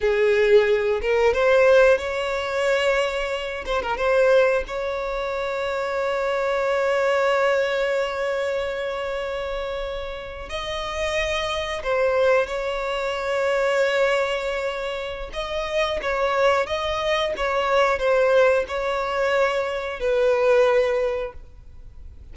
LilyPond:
\new Staff \with { instrumentName = "violin" } { \time 4/4 \tempo 4 = 90 gis'4. ais'8 c''4 cis''4~ | cis''4. c''16 ais'16 c''4 cis''4~ | cis''1~ | cis''2.~ cis''8. dis''16~ |
dis''4.~ dis''16 c''4 cis''4~ cis''16~ | cis''2. dis''4 | cis''4 dis''4 cis''4 c''4 | cis''2 b'2 | }